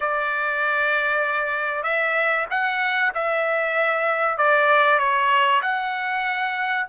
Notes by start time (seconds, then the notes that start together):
0.00 D5
1.83 E5
2.50 F#5
3.14 E5
4.38 D5
4.98 C#5
5.62 F#5